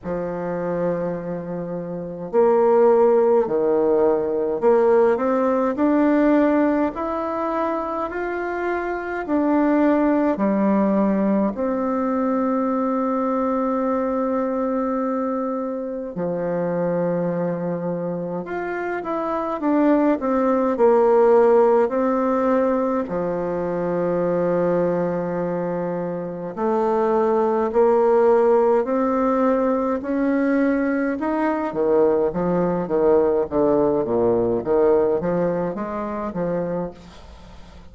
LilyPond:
\new Staff \with { instrumentName = "bassoon" } { \time 4/4 \tempo 4 = 52 f2 ais4 dis4 | ais8 c'8 d'4 e'4 f'4 | d'4 g4 c'2~ | c'2 f2 |
f'8 e'8 d'8 c'8 ais4 c'4 | f2. a4 | ais4 c'4 cis'4 dis'8 dis8 | f8 dis8 d8 ais,8 dis8 f8 gis8 f8 | }